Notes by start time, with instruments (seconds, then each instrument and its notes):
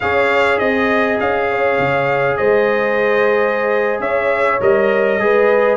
0.00 tuba C#4, trombone G#4, horn C#5, trumpet F5
0.58 tuba C4, horn D#5, trumpet D#5
1.19 tuba C#4, trumpet F5
1.49 horn C#5
1.78 tuba C#3
2.36 tuba G#3, horn C5, trumpet D#5
3.99 tuba C#4, horn C#5, trumpet E5
4.60 tuba G3, trombone A#4, trumpet D#5
5.19 tuba G#3, trombone G#4, horn B4